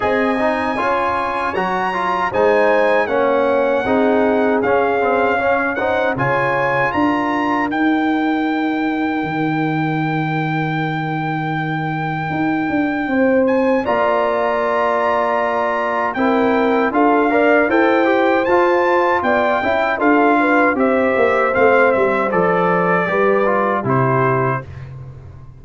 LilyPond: <<
  \new Staff \with { instrumentName = "trumpet" } { \time 4/4 \tempo 4 = 78 gis''2 ais''4 gis''4 | fis''2 f''4. fis''8 | gis''4 ais''4 g''2~ | g''1~ |
g''4. gis''8 ais''2~ | ais''4 g''4 f''4 g''4 | a''4 g''4 f''4 e''4 | f''8 e''8 d''2 c''4 | }
  \new Staff \with { instrumentName = "horn" } { \time 4/4 dis''4 cis''2 c''4 | cis''4 gis'2 cis''8 c''8 | cis''4 ais'2.~ | ais'1~ |
ais'4 c''4 d''2~ | d''4 ais'4 a'8 d''8 c''4~ | c''4 d''8 e''8 a'8 b'8 c''4~ | c''2 b'4 g'4 | }
  \new Staff \with { instrumentName = "trombone" } { \time 4/4 gis'8 dis'8 f'4 fis'8 f'8 dis'4 | cis'4 dis'4 cis'8 c'8 cis'8 dis'8 | f'2 dis'2~ | dis'1~ |
dis'2 f'2~ | f'4 e'4 f'8 ais'8 a'8 g'8 | f'4. e'8 f'4 g'4 | c'4 a'4 g'8 f'8 e'4 | }
  \new Staff \with { instrumentName = "tuba" } { \time 4/4 c'4 cis'4 fis4 gis4 | ais4 c'4 cis'2 | cis4 d'4 dis'2 | dis1 |
dis'8 d'8 c'4 ais2~ | ais4 c'4 d'4 e'4 | f'4 b8 cis'8 d'4 c'8 ais8 | a8 g8 f4 g4 c4 | }
>>